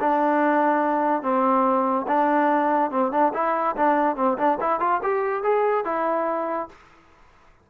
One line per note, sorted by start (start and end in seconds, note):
0.00 1.22 D4
1.22 2.06 C4
2.07 2.91 D4
2.91 3.11 C4
3.11 3.32 D4
3.33 3.75 E4
3.76 4.16 D4
4.16 4.37 C4
4.37 4.58 D4
4.60 4.80 E4
4.80 5.01 F4
5.03 5.43 G4
5.43 5.85 G#4
5.85 6.68 E4